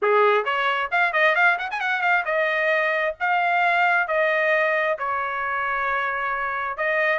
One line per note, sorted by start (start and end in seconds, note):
0.02 0.44 G#4
0.44 0.89 C#5
0.91 1.13 F5
1.13 1.35 D#5
1.35 1.57 F5
1.58 1.69 F#5
1.70 1.80 G#5
1.80 2.01 F#5
2.01 2.24 F5
2.25 3.15 D#5
3.20 4.07 F5
4.07 4.97 D#5
4.98 6.77 C#5
6.77 7.19 D#5